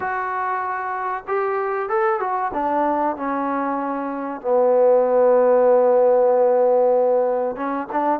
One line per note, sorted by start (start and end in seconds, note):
0.00 1.24 F#4
1.27 1.89 G4
1.89 2.19 A4
2.19 2.51 F#4
2.53 3.16 D4
3.16 4.41 C#4
4.41 7.56 B3
7.56 7.87 C#4
7.92 8.20 D4